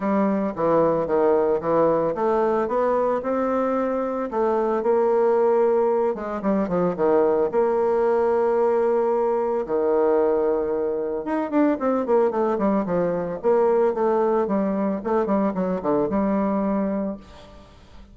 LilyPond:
\new Staff \with { instrumentName = "bassoon" } { \time 4/4 \tempo 4 = 112 g4 e4 dis4 e4 | a4 b4 c'2 | a4 ais2~ ais8 gis8 | g8 f8 dis4 ais2~ |
ais2 dis2~ | dis4 dis'8 d'8 c'8 ais8 a8 g8 | f4 ais4 a4 g4 | a8 g8 fis8 d8 g2 | }